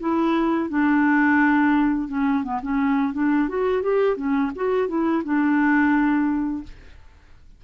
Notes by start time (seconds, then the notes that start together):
0.00 E4
0.69 D4
2.09 C#4
2.44 B3
2.63 C#4
3.14 D4
3.49 F#4
3.83 G4
4.17 C#4
4.55 F#4
4.88 E4
5.24 D4